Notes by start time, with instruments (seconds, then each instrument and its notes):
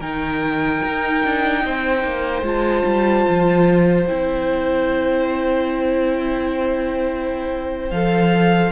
0.00 cello D#3, viola D#4, violin A#4 G5
0.84 cello D#4
1.24 cello D4
1.65 cello C4, violin C5
2.03 cello A#3
2.42 cello G#3, viola F4, violin A5
2.84 cello G3
3.29 cello F3
4.05 cello C4, viola E4, violin G5
7.91 cello F3, viola A4, violin F5